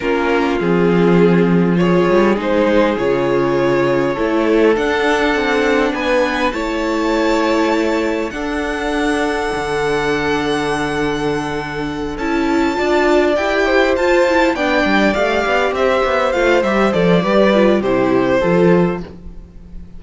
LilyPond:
<<
  \new Staff \with { instrumentName = "violin" } { \time 4/4 \tempo 4 = 101 ais'4 gis'2 cis''4 | c''4 cis''2. | fis''2 gis''4 a''4~ | a''2 fis''2~ |
fis''1~ | fis''8 a''2 g''4 a''8~ | a''8 g''4 f''4 e''4 f''8 | e''8 d''4. c''2 | }
  \new Staff \with { instrumentName = "violin" } { \time 4/4 f'2. gis'4~ | gis'2. a'4~ | a'2 b'4 cis''4~ | cis''2 a'2~ |
a'1~ | a'4. d''4. c''4~ | c''8 d''2 c''4.~ | c''4 b'4 g'4 a'4 | }
  \new Staff \with { instrumentName = "viola" } { \time 4/4 cis'4 c'2 f'4 | dis'4 f'2 e'4 | d'2. e'4~ | e'2 d'2~ |
d'1~ | d'8 e'4 f'4 g'4 f'8 | e'8 d'4 g'2 f'8 | g'8 a'8 g'8 f'8 e'4 f'4 | }
  \new Staff \with { instrumentName = "cello" } { \time 4/4 ais4 f2~ f8 g8 | gis4 cis2 a4 | d'4 c'4 b4 a4~ | a2 d'2 |
d1~ | d8 cis'4 d'4 e'4 f'8~ | f'8 b8 g8 a8 b8 c'8 b8 a8 | g8 f8 g4 c4 f4 | }
>>